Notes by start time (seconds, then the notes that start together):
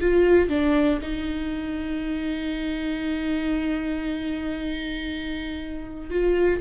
0.00 F4
0.49 D4
1.02 D#4
6.10 F4